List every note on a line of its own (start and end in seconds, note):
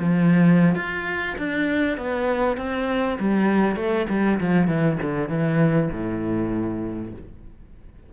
0.00 0.75 F3
0.75 1.36 F4
1.38 1.98 D4
1.98 2.58 B3
2.58 3.18 C4
3.20 3.76 G3
3.76 4.07 A3
4.10 4.40 G3
4.40 4.68 F3
4.68 4.98 E3
5.02 5.29 D3
5.29 5.90 E3
5.92 7.13 A2